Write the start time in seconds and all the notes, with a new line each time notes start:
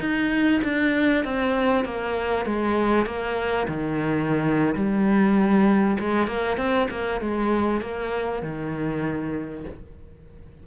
0.00 D#4
0.63 D4
1.25 C4
1.85 A#3
2.46 G#3
3.06 A#3
3.68 D#3
4.75 G3
5.99 G#3
6.27 A#3
6.57 C4
6.90 A#3
7.21 G#3
7.81 A#3
8.42 D#3